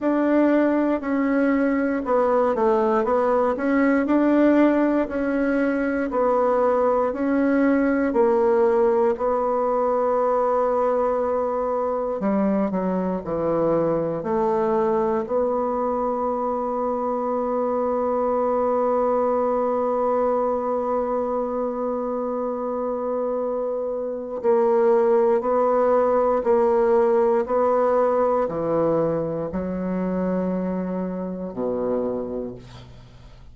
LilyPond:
\new Staff \with { instrumentName = "bassoon" } { \time 4/4 \tempo 4 = 59 d'4 cis'4 b8 a8 b8 cis'8 | d'4 cis'4 b4 cis'4 | ais4 b2. | g8 fis8 e4 a4 b4~ |
b1~ | b1 | ais4 b4 ais4 b4 | e4 fis2 b,4 | }